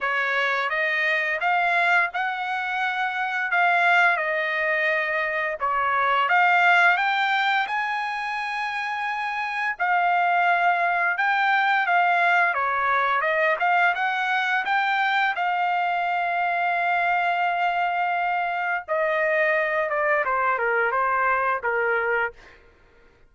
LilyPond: \new Staff \with { instrumentName = "trumpet" } { \time 4/4 \tempo 4 = 86 cis''4 dis''4 f''4 fis''4~ | fis''4 f''4 dis''2 | cis''4 f''4 g''4 gis''4~ | gis''2 f''2 |
g''4 f''4 cis''4 dis''8 f''8 | fis''4 g''4 f''2~ | f''2. dis''4~ | dis''8 d''8 c''8 ais'8 c''4 ais'4 | }